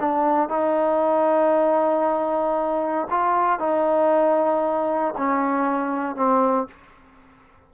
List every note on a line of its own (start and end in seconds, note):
0.00 0.49 D4
0.49 3.08 D#4
3.11 3.60 F4
3.60 5.15 D#4
5.18 6.16 C#4
6.16 6.68 C4